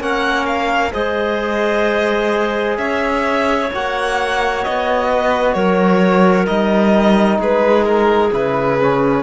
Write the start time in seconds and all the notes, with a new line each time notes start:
0.00 A#3 C#4 A#4 F#5
0.46 F5
0.93 G#3 G#4 C5 D#5
2.78 C#4 C#5 E5
3.74 A#3 F#4 F#5
4.64 B3 D#5
5.10 B4
5.54 F#3 A#4 C#5
6.46 G3 D#4 D#5
7.39 G#3 G#4 B4
7.85 A#4
8.33 C#3 E4 B4
8.81 C#4